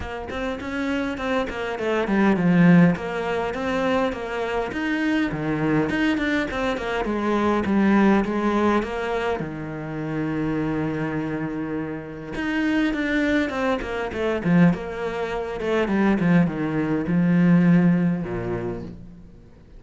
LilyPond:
\new Staff \with { instrumentName = "cello" } { \time 4/4 \tempo 4 = 102 ais8 c'8 cis'4 c'8 ais8 a8 g8 | f4 ais4 c'4 ais4 | dis'4 dis4 dis'8 d'8 c'8 ais8 | gis4 g4 gis4 ais4 |
dis1~ | dis4 dis'4 d'4 c'8 ais8 | a8 f8 ais4. a8 g8 f8 | dis4 f2 ais,4 | }